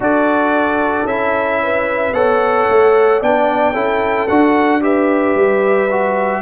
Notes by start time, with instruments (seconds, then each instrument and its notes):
0.00 tuba D4, trombone F#4, horn A4, trumpet D5
1.04 tuba C#4, trombone E4, trumpet E5
1.62 horn B4
2.13 tuba B3, trombone A4, horn C#5, trumpet F#5
2.68 tuba A3
3.21 tuba B3, trombone D4, horn D5, trumpet G5
3.72 tuba C#4, trombone E4, horn A4
4.27 tuba D4, trombone F#4, trumpet F#5
4.81 trombone G4, horn B4, trumpet E5
5.35 tuba G3
5.90 trombone F#4